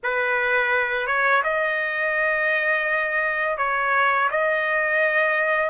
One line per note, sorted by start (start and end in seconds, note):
0.03 1.06 B4
1.06 1.42 C#5
1.43 3.57 D#5
3.57 4.29 C#5
4.31 5.70 D#5